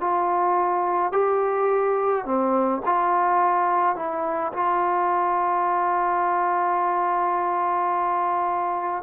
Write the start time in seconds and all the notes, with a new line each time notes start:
0.00 F4
1.12 G4
2.24 C4
2.85 F4
3.95 E4
4.52 F4